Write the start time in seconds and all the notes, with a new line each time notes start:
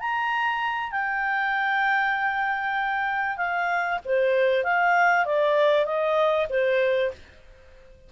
0.00 A#5
0.92 G5
3.37 F5
4.05 C5
4.64 F5
5.25 D5
5.85 D#5
6.49 C5